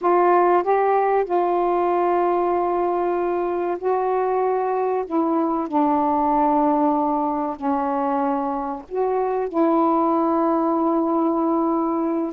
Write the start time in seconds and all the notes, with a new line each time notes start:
0.01 F4
0.63 G4
1.25 F4
3.78 F#4
5.06 E4
5.68 D4
7.56 C#4
8.88 F#4
9.48 E4